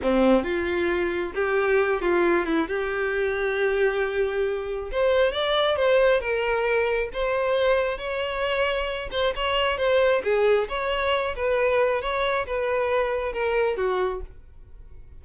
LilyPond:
\new Staff \with { instrumentName = "violin" } { \time 4/4 \tempo 4 = 135 c'4 f'2 g'4~ | g'8 f'4 e'8 g'2~ | g'2. c''4 | d''4 c''4 ais'2 |
c''2 cis''2~ | cis''8 c''8 cis''4 c''4 gis'4 | cis''4. b'4. cis''4 | b'2 ais'4 fis'4 | }